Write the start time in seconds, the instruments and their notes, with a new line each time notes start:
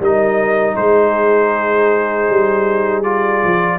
0.00 tuba G3, trombone D#4, horn A#4, trumpet D#5
0.76 tuba G#3, horn G#4, trumpet C5
2.30 tuba G3
3.03 trombone F4, trumpet D5
3.45 tuba F3